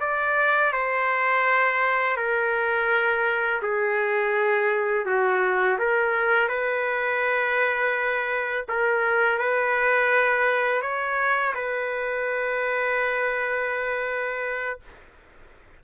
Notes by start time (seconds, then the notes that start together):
0.00 D5
0.72 C5
2.16 A#4
3.62 G#4
5.06 F#4
5.78 A#4
6.48 B4
8.68 A#4
9.38 B4
10.81 C#5
11.54 B4